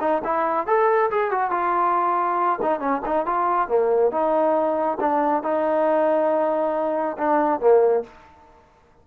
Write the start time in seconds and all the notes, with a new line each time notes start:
0.00 D#4
0.24 E4
0.66 A4
1.10 G#4
1.31 F#4
1.50 F4
2.61 D#4
2.79 C#4
3.05 D#4
3.25 F4
3.68 A#3
4.11 D#4
5.00 D4
5.42 D#4
7.17 D4
7.60 A#3